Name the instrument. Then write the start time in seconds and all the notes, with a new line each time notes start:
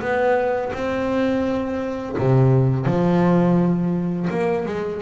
double bass
0.00 B3
0.73 C4
2.18 C3
2.85 F3
4.30 A#3
4.65 G#3